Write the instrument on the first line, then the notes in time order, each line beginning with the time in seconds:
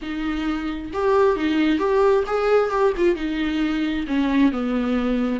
viola
0.01 D#4
0.93 G4
1.36 D#4
1.79 G4
2.27 G#4
2.70 G4
2.97 F4
3.15 D#4
4.07 C#4
4.52 B3